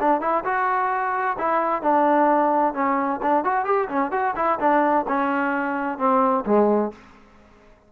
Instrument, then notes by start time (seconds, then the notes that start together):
trombone
0.00 D4
0.21 E4
0.45 F#4
1.38 E4
1.83 D4
2.74 C#4
3.22 D4
3.44 F#4
3.65 G4
3.89 C#4
4.11 F#4
4.36 E4
4.60 D4
5.08 C#4
5.99 C4
6.46 G#3